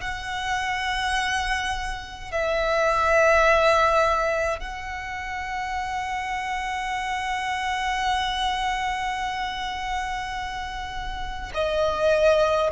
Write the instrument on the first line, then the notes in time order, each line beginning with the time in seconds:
violin
0.00 F#5
2.31 E5
4.59 F#5
11.54 D#5